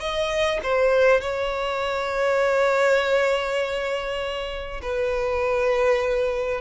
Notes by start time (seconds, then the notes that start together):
0.00 D#5
0.64 C5
1.21 C#5
4.82 B4